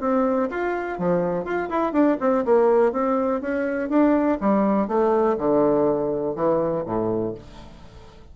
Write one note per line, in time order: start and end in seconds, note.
0.00 0.49 C4
0.50 0.98 F4
0.98 1.45 F3
1.45 1.69 F4
1.69 1.92 E4
1.92 2.17 D4
2.20 2.44 C4
2.45 2.92 A#3
2.92 3.41 C4
3.41 3.89 C#4
3.89 4.38 D4
4.41 4.88 G3
4.88 5.37 A3
5.37 6.35 D3
6.35 6.84 E3
6.86 7.34 A2